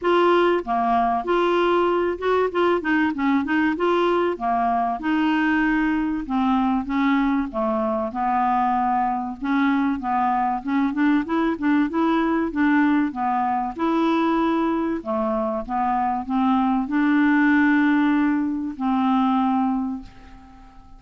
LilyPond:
\new Staff \with { instrumentName = "clarinet" } { \time 4/4 \tempo 4 = 96 f'4 ais4 f'4. fis'8 | f'8 dis'8 cis'8 dis'8 f'4 ais4 | dis'2 c'4 cis'4 | a4 b2 cis'4 |
b4 cis'8 d'8 e'8 d'8 e'4 | d'4 b4 e'2 | a4 b4 c'4 d'4~ | d'2 c'2 | }